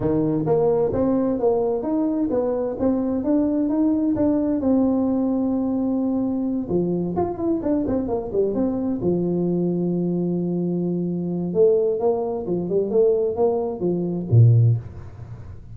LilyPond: \new Staff \with { instrumentName = "tuba" } { \time 4/4 \tempo 4 = 130 dis4 ais4 c'4 ais4 | dis'4 b4 c'4 d'4 | dis'4 d'4 c'2~ | c'2~ c'8 f4 f'8 |
e'8 d'8 c'8 ais8 g8 c'4 f8~ | f1~ | f4 a4 ais4 f8 g8 | a4 ais4 f4 ais,4 | }